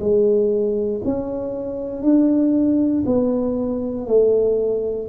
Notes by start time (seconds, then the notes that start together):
0.00 G#3
1.04 C#4
2.02 D4
3.06 B3
4.07 A3